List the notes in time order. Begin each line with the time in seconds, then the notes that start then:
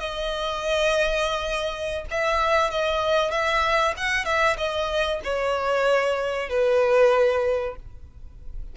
0.00 D#5
2.11 E5
2.71 D#5
3.31 E5
3.97 F#5
4.25 E5
4.58 D#5
5.24 C#5
6.50 B4